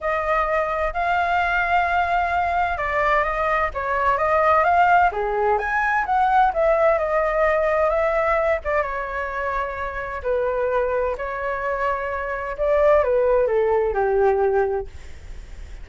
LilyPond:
\new Staff \with { instrumentName = "flute" } { \time 4/4 \tempo 4 = 129 dis''2 f''2~ | f''2 d''4 dis''4 | cis''4 dis''4 f''4 gis'4 | gis''4 fis''4 e''4 dis''4~ |
dis''4 e''4. d''8 cis''4~ | cis''2 b'2 | cis''2. d''4 | b'4 a'4 g'2 | }